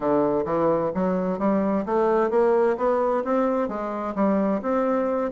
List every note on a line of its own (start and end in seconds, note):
0.00 0.44 D3
0.45 0.91 E3
0.94 1.38 F#3
1.38 1.85 G3
1.85 2.30 A3
2.30 2.76 A#3
2.77 3.23 B3
3.24 3.68 C4
3.68 4.14 G#3
4.15 4.61 G3
4.62 5.31 C4